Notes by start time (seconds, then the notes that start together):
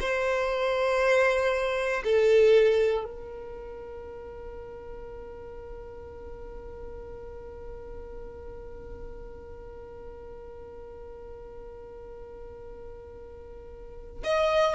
0.00 C5
2.04 A4
3.05 A#4
14.24 D#5